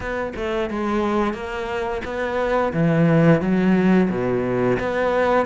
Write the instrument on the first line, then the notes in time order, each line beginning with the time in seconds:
cello
0.00 B3
0.36 A3
0.69 G#3
1.33 A#3
2.05 B3
2.73 E3
3.41 F#3
4.09 B2
4.79 B3